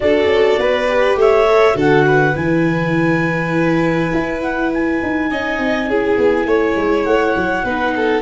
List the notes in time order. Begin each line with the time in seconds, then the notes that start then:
0.00 D4 F#4 A4 D5
0.25 C#4
0.59 B3 B4
0.87 G4
1.15 A3 C#5 E5
1.47 A4
1.73 D3 F#4 A4
1.79 F#5
2.06 B4
2.35 E3 E4 G#5
4.13 E4
4.41 F#5
4.73 G#5
5.02 D#4
5.30 C#4 D#4 D#5
5.58 C4
5.87 C#4 E4 G#4
6.17 B3
6.45 A3 C#5
6.76 G#3
7.04 A3 F#5
7.36 F#3
7.63 B3 D#4 B4
7.96 A4